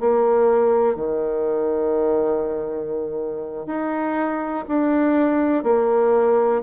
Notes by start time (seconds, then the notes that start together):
0.00 A#3
0.96 D#3
3.67 D#4
4.69 D4
5.64 A#3